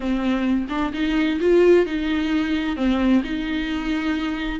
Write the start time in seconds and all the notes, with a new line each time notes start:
0.00 C4
0.69 D4
0.93 D#4
1.40 F4
1.86 D#4
2.76 C4
3.24 D#4